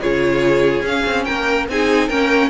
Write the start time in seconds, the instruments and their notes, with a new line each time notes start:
0.00 cello C#3, viola F4, violin G#4 C#5
0.82 cello C#4, viola C#4, violin F5
1.06 cello C4
1.25 cello A#3, violin A#4 G5
1.69 cello C4, viola D#4, violin G#4 G#5
2.08 cello A#3, viola C#4, violin A#4 G5